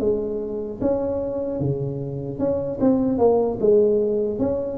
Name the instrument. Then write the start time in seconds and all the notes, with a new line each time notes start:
tuba
0.00 G#3
0.81 C#4
1.60 C#3
2.39 C#4
2.81 C4
3.19 A#3
3.60 G#3
4.39 C#4